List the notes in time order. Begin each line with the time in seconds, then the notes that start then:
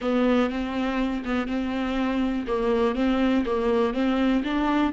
0.01 B3
0.50 C4
1.24 B3
1.47 C4
2.47 A#3
2.95 C4
3.45 A#3
3.93 C4
4.44 D4